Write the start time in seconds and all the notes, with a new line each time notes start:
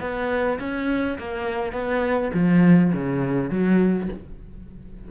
0.00 B3
0.59 C#4
1.18 A#3
1.72 B3
2.34 F3
2.93 C#3
3.50 F#3